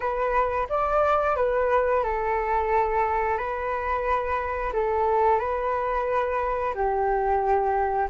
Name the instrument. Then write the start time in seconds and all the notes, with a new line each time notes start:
flute
0.00 B4
0.69 D5
1.36 B4
2.03 A4
3.37 B4
4.73 A4
5.39 B4
6.74 G4